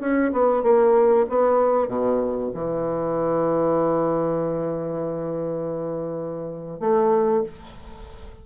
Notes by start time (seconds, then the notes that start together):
0.00 C#4
0.32 B3
0.63 A#3
1.29 B3
1.88 B2
2.54 E3
6.80 A3